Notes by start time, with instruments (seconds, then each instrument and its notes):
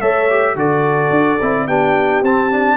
0.00 tuba A3, trombone A4, horn C#5, trumpet E5
0.30 trombone G4
0.55 tuba D3, trombone F#4, horn A4, trumpet D5
1.10 tuba D4
1.41 tuba C4, trombone E4
1.67 tuba B3, trombone D4, horn G4, trumpet G5
2.22 tuba C4, trombone C4, trumpet A5
2.51 trombone D4